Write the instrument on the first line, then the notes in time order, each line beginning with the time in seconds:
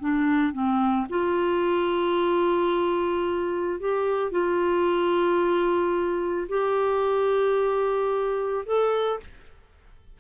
clarinet
0.00 D4
0.53 C4
1.09 F4
3.80 G4
4.31 F4
6.49 G4
8.66 A4